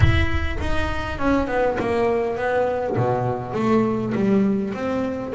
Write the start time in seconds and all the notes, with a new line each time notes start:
0.00 E4
0.60 D#4
1.18 C#4
1.47 B3
1.79 A#3
2.36 B3
2.96 B2
3.53 A3
4.14 G3
4.74 C4